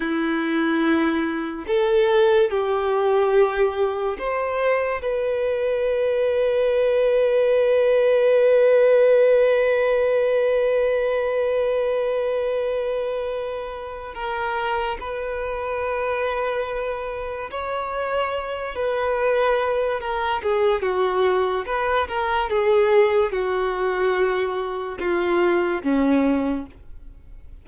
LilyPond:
\new Staff \with { instrumentName = "violin" } { \time 4/4 \tempo 4 = 72 e'2 a'4 g'4~ | g'4 c''4 b'2~ | b'1~ | b'1~ |
b'4 ais'4 b'2~ | b'4 cis''4. b'4. | ais'8 gis'8 fis'4 b'8 ais'8 gis'4 | fis'2 f'4 cis'4 | }